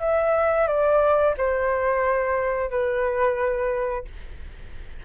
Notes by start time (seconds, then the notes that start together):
0.00 E5
0.67 D5
1.37 C5
2.70 B4